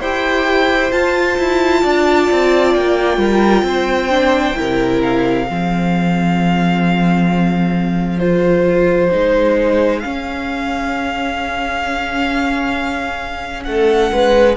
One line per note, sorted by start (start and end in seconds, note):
0.00 0.91 E4
0.00 0.92 G4
0.00 1.82 C5
0.00 0.92 G5
0.92 1.38 F4
0.92 4.10 F4
0.92 2.74 A5
1.38 1.83 E4
1.83 2.30 D4
1.83 3.19 D5
2.31 2.75 C4
2.74 3.17 A#3
2.74 5.01 G5
3.17 3.63 G3
3.17 3.64 A#4
3.63 4.54 C4
3.63 4.58 C5
4.10 4.55 D4
4.55 5.50 C3
4.55 5.45 E4
4.55 5.47 A#4
5.02 8.19 F5
5.47 9.13 F3
5.47 8.20 C4
5.47 13.66 G#4
8.19 9.10 F4
8.19 10.00 C5
9.11 10.04 G#3
9.11 10.02 D#4
10.00 14.56 C#4
10.00 13.66 C#4
10.00 13.63 F5
13.64 14.11 A3
13.64 14.12 A4
13.64 14.55 F#5
14.12 14.56 G#3
14.12 14.56 B4